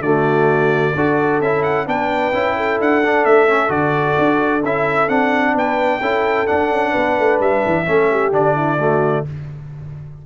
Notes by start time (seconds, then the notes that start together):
0.00 D3 A3 F#4 D5
0.95 D4 F#4 A4
1.40 C#4 E4 E5
1.62 F#5
1.86 B3 D4 B4 G5
2.33 C#4 E4
2.56 A4
2.80 D4 F#5
3.04 D4
3.24 A3 E5
3.47 C#4
3.68 D3 F#4 D5
4.18 D4
4.64 C#4 E4 E5
5.08 C4 D4 F#5
5.54 B3 B4 G5
6.01 C#4 E4 A4
6.46 D4 F#5
6.71 C#4
6.91 B3 B4
7.19 A3
7.40 G3 E5
7.66 E3
7.85 A3 C#4 A4
8.11 G4
8.31 D3 D4 D5
8.55 E4
8.79 A3 F#4